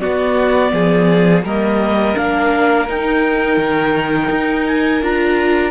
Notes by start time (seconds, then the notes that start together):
0.00 B3 F#4 D5
0.73 F3 G#4
1.44 G3 A#3 A#4 D#5
2.15 A#3 D4 F5
2.89 D#4 G5
3.58 D#3
4.31 D#4
4.67 G#5
5.02 D4 F4 A#5